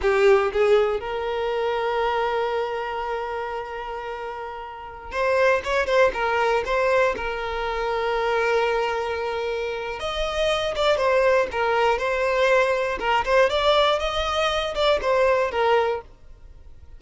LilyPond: \new Staff \with { instrumentName = "violin" } { \time 4/4 \tempo 4 = 120 g'4 gis'4 ais'2~ | ais'1~ | ais'2~ ais'16 c''4 cis''8 c''16~ | c''16 ais'4 c''4 ais'4.~ ais'16~ |
ais'1 | dis''4. d''8 c''4 ais'4 | c''2 ais'8 c''8 d''4 | dis''4. d''8 c''4 ais'4 | }